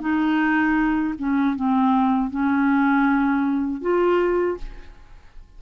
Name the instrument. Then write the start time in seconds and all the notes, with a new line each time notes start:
clarinet
0.00 D#4
1.18 C#4
1.55 C4
2.30 C#4
3.81 F4